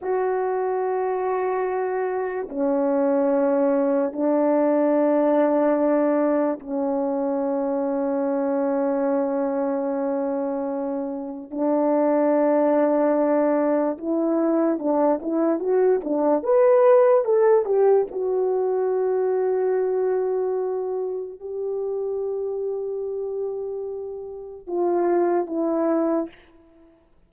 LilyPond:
\new Staff \with { instrumentName = "horn" } { \time 4/4 \tempo 4 = 73 fis'2. cis'4~ | cis'4 d'2. | cis'1~ | cis'2 d'2~ |
d'4 e'4 d'8 e'8 fis'8 d'8 | b'4 a'8 g'8 fis'2~ | fis'2 g'2~ | g'2 f'4 e'4 | }